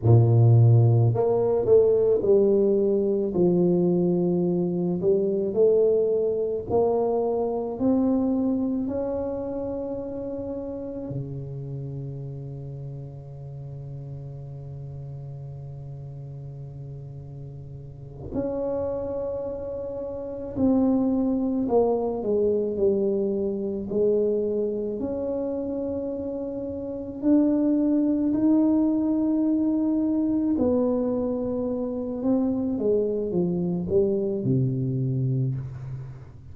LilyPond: \new Staff \with { instrumentName = "tuba" } { \time 4/4 \tempo 4 = 54 ais,4 ais8 a8 g4 f4~ | f8 g8 a4 ais4 c'4 | cis'2 cis2~ | cis1~ |
cis8 cis'2 c'4 ais8 | gis8 g4 gis4 cis'4.~ | cis'8 d'4 dis'2 b8~ | b4 c'8 gis8 f8 g8 c4 | }